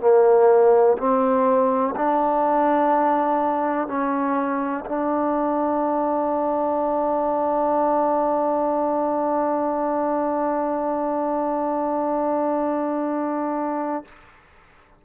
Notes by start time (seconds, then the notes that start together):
0.00 A#3
0.98 C4
1.96 D4
3.88 C#4
4.85 D4